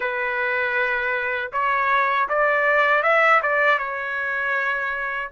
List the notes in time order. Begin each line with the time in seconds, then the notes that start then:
0.00 B4
1.52 C#5
2.29 D5
3.02 E5
3.42 D5
3.78 C#5